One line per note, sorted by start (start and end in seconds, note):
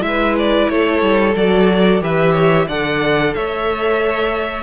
0.00 0.67 G#3
0.00 1.32 E4
0.00 0.35 E5
0.07 0.71 B4
0.38 0.69 D5
0.69 1.02 A3
0.69 2.02 A4
0.69 1.35 C#5
1.02 1.35 G3
1.35 2.01 F#3
1.35 2.01 F#4
1.35 2.02 D5
2.01 2.67 E3
2.01 2.67 G4
2.01 2.32 B4
2.01 2.68 E5
2.32 2.65 C#5
2.67 3.34 D3
2.67 4.63 A4
2.67 3.33 D5
2.67 3.34 F#5
3.34 4.63 A3
3.34 4.63 C#5
3.34 4.63 E5